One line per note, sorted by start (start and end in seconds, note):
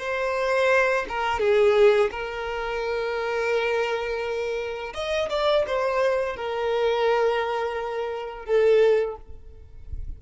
0.00 1.06 C5
1.09 1.40 A#4
1.40 2.10 G#4
2.11 4.93 A#4
4.94 5.29 D#5
5.30 5.65 D5
5.68 6.37 C5
6.37 8.46 A#4
8.46 9.17 A4